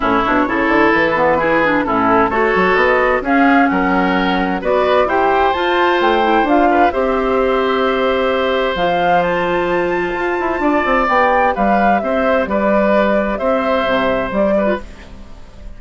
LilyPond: <<
  \new Staff \with { instrumentName = "flute" } { \time 4/4 \tempo 4 = 130 cis''2 b'2 | a'4 cis''4 dis''4 f''4 | fis''2 d''4 g''4 | a''4 g''4 f''4 e''4~ |
e''2. f''4 | a''1 | g''4 f''4 e''4 d''4~ | d''4 e''2 d''4 | }
  \new Staff \with { instrumentName = "oboe" } { \time 4/4 e'4 a'2 gis'4 | e'4 a'2 gis'4 | ais'2 b'4 c''4~ | c''2~ c''8 b'8 c''4~ |
c''1~ | c''2. d''4~ | d''4 b'4 c''4 b'4~ | b'4 c''2~ c''8 b'8 | }
  \new Staff \with { instrumentName = "clarinet" } { \time 4/4 cis'8 d'8 e'4. b8 e'8 d'8 | cis'4 fis'2 cis'4~ | cis'2 fis'4 g'4 | f'4. e'8 f'4 g'4~ |
g'2. f'4~ | f'1 | g'1~ | g'2.~ g'8. f'16 | }
  \new Staff \with { instrumentName = "bassoon" } { \time 4/4 a,8 b,8 cis8 d8 e2 | a,4 a8 fis8 b4 cis'4 | fis2 b4 e'4 | f'4 a4 d'4 c'4~ |
c'2. f4~ | f2 f'8 e'8 d'8 c'8 | b4 g4 c'4 g4~ | g4 c'4 c4 g4 | }
>>